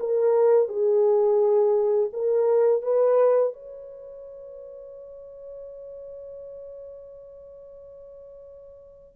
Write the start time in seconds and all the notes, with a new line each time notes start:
0.00 A#4
0.69 G#4
2.13 A#4
2.83 B4
3.53 C#5